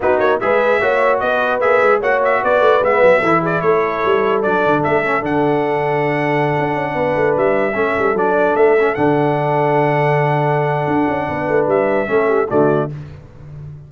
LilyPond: <<
  \new Staff \with { instrumentName = "trumpet" } { \time 4/4 \tempo 4 = 149 b'8 cis''8 e''2 dis''4 | e''4 fis''8 e''8 d''4 e''4~ | e''8 d''8 cis''2 d''4 | e''4 fis''2.~ |
fis''2~ fis''16 e''4.~ e''16~ | e''16 d''4 e''4 fis''4.~ fis''16~ | fis''1~ | fis''4 e''2 d''4 | }
  \new Staff \with { instrumentName = "horn" } { \time 4/4 fis'4 b'4 cis''4 b'4~ | b'4 cis''4 b'2 | a'8 gis'8 a'2.~ | a'1~ |
a'4~ a'16 b'2 a'8.~ | a'1~ | a'1 | b'2 a'8 g'8 fis'4 | }
  \new Staff \with { instrumentName = "trombone" } { \time 4/4 dis'4 gis'4 fis'2 | gis'4 fis'2 b4 | e'2. d'4~ | d'8 cis'8 d'2.~ |
d'2.~ d'16 cis'8.~ | cis'16 d'4. cis'8 d'4.~ d'16~ | d'1~ | d'2 cis'4 a4 | }
  \new Staff \with { instrumentName = "tuba" } { \time 4/4 b8 ais8 gis4 ais4 b4 | ais8 gis8 ais4 b8 a8 gis8 fis8 | e4 a4 g4 fis8 d8 | a4 d2.~ |
d16 d'8 cis'8 b8 a8 g4 a8 g16~ | g16 fis4 a4 d4.~ d16~ | d2. d'8 cis'8 | b8 a8 g4 a4 d4 | }
>>